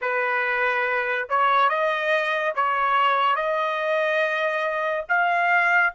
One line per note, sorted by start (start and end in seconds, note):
0.01 1.28 B4
1.29 1.69 C#5
1.69 2.54 D#5
2.55 3.35 C#5
3.35 5.04 D#5
5.09 5.93 F5